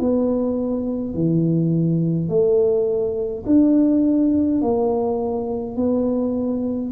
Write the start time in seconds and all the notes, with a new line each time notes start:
0.00 B3
1.15 E3
2.29 A3
3.46 D4
4.62 A#3
5.77 B3